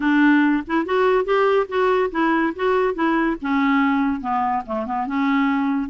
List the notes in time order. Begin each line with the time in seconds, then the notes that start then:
0.00 D4
0.66 E4
0.85 F#4
1.24 G4
1.68 F#4
2.11 E4
2.55 F#4
2.94 E4
3.41 C#4
4.20 B3
4.66 A3
4.86 B3
5.06 C#4